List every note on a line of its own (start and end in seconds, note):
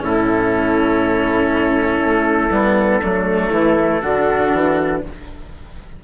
0.00 2.02 A2
0.00 2.50 C#4
0.00 3.01 E4
0.00 5.04 A4
2.05 2.50 A3
2.50 3.00 G3
2.50 3.01 B3
3.01 3.51 F#3
3.01 4.03 A3
3.01 3.51 D4
3.51 4.01 E3
3.51 4.01 E4
4.02 4.53 D3
4.02 5.03 D4
4.02 5.02 F#4
4.53 5.03 E3